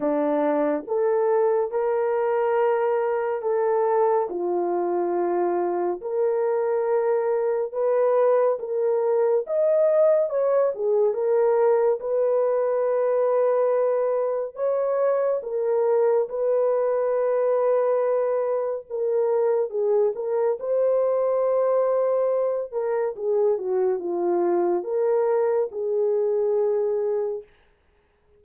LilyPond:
\new Staff \with { instrumentName = "horn" } { \time 4/4 \tempo 4 = 70 d'4 a'4 ais'2 | a'4 f'2 ais'4~ | ais'4 b'4 ais'4 dis''4 | cis''8 gis'8 ais'4 b'2~ |
b'4 cis''4 ais'4 b'4~ | b'2 ais'4 gis'8 ais'8 | c''2~ c''8 ais'8 gis'8 fis'8 | f'4 ais'4 gis'2 | }